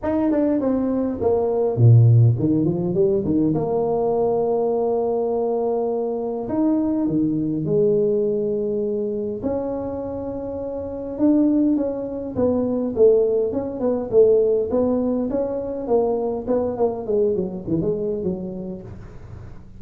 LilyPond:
\new Staff \with { instrumentName = "tuba" } { \time 4/4 \tempo 4 = 102 dis'8 d'8 c'4 ais4 ais,4 | dis8 f8 g8 dis8 ais2~ | ais2. dis'4 | dis4 gis2. |
cis'2. d'4 | cis'4 b4 a4 cis'8 b8 | a4 b4 cis'4 ais4 | b8 ais8 gis8 fis8 e16 gis8. fis4 | }